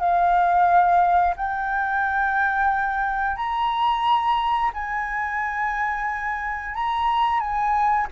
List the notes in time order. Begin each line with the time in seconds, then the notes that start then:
0.00 F5
1.37 G5
3.37 A#5
4.74 G#5
6.75 A#5
7.40 G#5